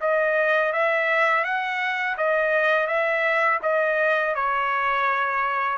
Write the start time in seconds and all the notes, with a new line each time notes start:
0.00 D#5
0.72 E5
1.44 F#5
2.17 D#5
2.87 E5
3.62 D#5
4.35 C#5